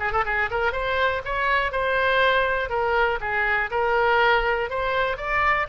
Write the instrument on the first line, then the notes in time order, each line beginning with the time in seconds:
oboe
0.00 G#4
0.12 A4
0.25 G#4
0.51 A#4
0.72 C5
1.25 C#5
1.72 C5
2.70 A#4
3.21 G#4
3.71 A#4
4.70 C5
5.17 D5